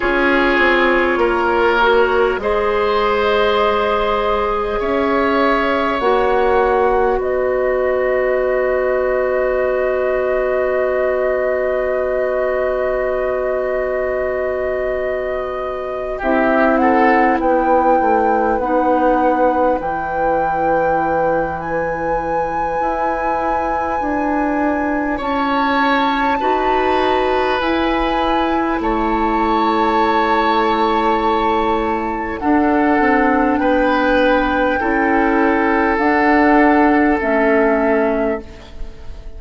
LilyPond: <<
  \new Staff \with { instrumentName = "flute" } { \time 4/4 \tempo 4 = 50 cis''2 dis''2 | e''4 fis''4 dis''2~ | dis''1~ | dis''4. e''8 fis''8 g''4 fis''8~ |
fis''8 g''4. gis''2~ | gis''4 a''2 gis''4 | a''2. fis''4 | g''2 fis''4 e''4 | }
  \new Staff \with { instrumentName = "oboe" } { \time 4/4 gis'4 ais'4 c''2 | cis''2 b'2~ | b'1~ | b'4. g'8 a'8 b'4.~ |
b'1~ | b'4 cis''4 b'2 | cis''2. a'4 | b'4 a'2. | }
  \new Staff \with { instrumentName = "clarinet" } { \time 4/4 f'4. fis'8 gis'2~ | gis'4 fis'2.~ | fis'1~ | fis'4. e'2 dis'8~ |
dis'8 e'2.~ e'8~ | e'2 fis'4 e'4~ | e'2. d'4~ | d'4 e'4 d'4 cis'4 | }
  \new Staff \with { instrumentName = "bassoon" } { \time 4/4 cis'8 c'8 ais4 gis2 | cis'4 ais4 b2~ | b1~ | b4. c'4 b8 a8 b8~ |
b8 e2~ e8 e'4 | d'4 cis'4 dis'4 e'4 | a2. d'8 c'8 | b4 cis'4 d'4 a4 | }
>>